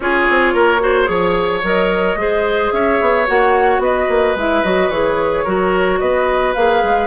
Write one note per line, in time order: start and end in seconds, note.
0.00 0.26 C#4
0.00 0.80 F4
0.00 0.53 G#4
0.00 1.62 C#5
0.29 0.53 C4
0.53 1.08 A#3
0.53 0.81 A#4
0.80 1.05 F#4
0.80 1.10 C5
1.05 1.63 F3
1.05 1.60 G#4
1.05 2.19 C#5
1.63 2.15 F#3
1.63 2.18 A#4
1.63 2.71 D#5
2.15 2.70 G#3
2.15 3.27 G#4
2.15 2.74 C5
2.71 3.00 C#4
2.71 3.82 C#5
2.71 3.26 E5
3.00 3.28 B3
3.27 3.78 A#3
3.27 4.36 F#4
3.27 3.82 F#5
3.78 4.06 B3
3.78 5.44 B4
3.78 4.37 D#5
4.08 4.35 A#3
4.35 4.62 G#3
4.35 4.64 E4
4.35 4.63 E5
4.63 4.89 F#3
4.63 4.91 F#4
4.63 4.90 D#5
4.89 5.43 E3
4.89 5.45 G#4
4.89 5.99 C#5
5.44 6.00 F#3
5.44 6.55 F#4
5.44 5.98 A#4
5.99 6.55 B3
5.99 7.06 B4
5.99 6.53 D#5
6.53 6.83 A#3
6.53 7.06 G#4
6.53 7.06 F5
6.83 7.06 G#3